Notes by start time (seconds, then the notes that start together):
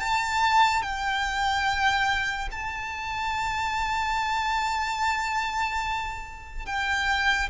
0.00 A5
0.82 G5
2.52 A5
6.66 G5